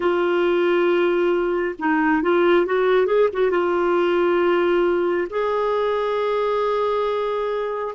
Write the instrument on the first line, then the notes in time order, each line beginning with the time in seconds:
clarinet
0.00 F4
1.78 D#4
2.22 F4
2.66 F#4
3.06 G#4
3.32 F#4
3.51 F4
5.29 G#4